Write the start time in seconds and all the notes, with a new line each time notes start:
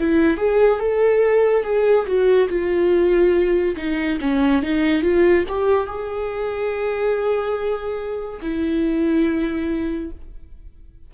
0.00 E4
0.38 G#4
0.80 A4
1.64 G#4
2.07 F#4
2.49 F4
3.77 D#4
4.21 C#4
4.62 D#4
5.02 F4
5.49 G4
5.87 G#4
8.42 E4